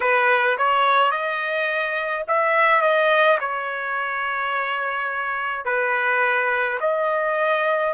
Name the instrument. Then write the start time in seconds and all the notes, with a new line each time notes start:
trumpet
0.00 B4
0.57 C#5
1.11 D#5
2.27 E5
2.81 D#5
3.40 C#5
5.65 B4
6.80 D#5